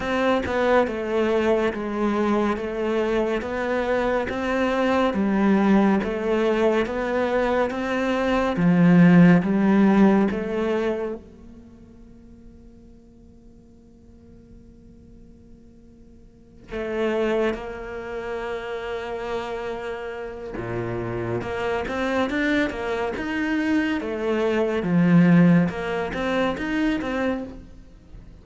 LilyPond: \new Staff \with { instrumentName = "cello" } { \time 4/4 \tempo 4 = 70 c'8 b8 a4 gis4 a4 | b4 c'4 g4 a4 | b4 c'4 f4 g4 | a4 ais2.~ |
ais2.~ ais8 a8~ | a8 ais2.~ ais8 | ais,4 ais8 c'8 d'8 ais8 dis'4 | a4 f4 ais8 c'8 dis'8 c'8 | }